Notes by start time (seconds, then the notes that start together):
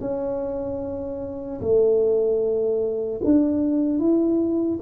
0.00 C#4
1.61 A3
3.24 D4
3.99 E4